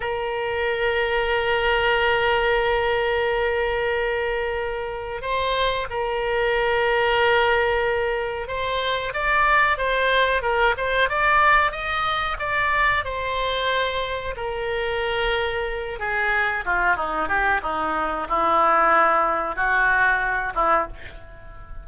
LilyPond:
\new Staff \with { instrumentName = "oboe" } { \time 4/4 \tempo 4 = 92 ais'1~ | ais'1 | c''4 ais'2.~ | ais'4 c''4 d''4 c''4 |
ais'8 c''8 d''4 dis''4 d''4 | c''2 ais'2~ | ais'8 gis'4 f'8 dis'8 g'8 dis'4 | e'2 fis'4. e'8 | }